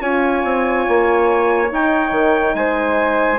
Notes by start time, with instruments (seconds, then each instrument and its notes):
0.00 bassoon C#4, horn F4, flute C#5, trumpet G#5
0.44 bassoon C4
0.88 bassoon A#3
1.70 horn D#4, bassoon D#4, trumpet G5
2.11 bassoon D#3
2.54 bassoon G#3, flute C5, trumpet G#5